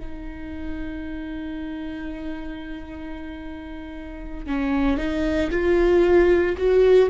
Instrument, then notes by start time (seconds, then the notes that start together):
viola
0.00 D#4
4.47 C#4
4.98 D#4
5.51 F4
6.57 F#4